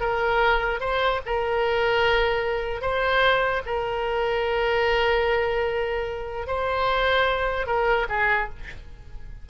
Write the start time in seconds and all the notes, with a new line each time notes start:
0.00 A#4
0.80 C5
1.26 A#4
2.81 C5
3.65 A#4
6.46 C5
7.66 A#4
8.09 G#4